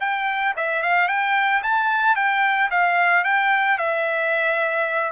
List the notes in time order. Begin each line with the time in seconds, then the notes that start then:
0.00 G5
0.57 E5
0.82 F5
1.08 G5
1.63 A5
2.16 G5
2.71 F5
3.24 G5
3.78 E5